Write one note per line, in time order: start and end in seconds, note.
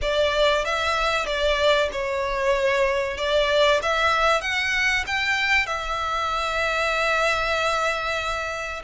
0.01 0.64 D5
0.65 1.26 E5
1.26 1.89 D5
1.92 3.17 C#5
3.17 3.80 D5
3.82 4.41 E5
4.41 5.04 F#5
5.07 5.66 G5
5.66 8.82 E5